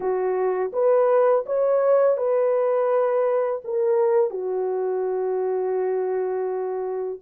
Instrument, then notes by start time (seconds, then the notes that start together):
horn
0.00 F#4
0.72 B4
1.46 C#5
2.17 B4
3.64 A#4
4.30 F#4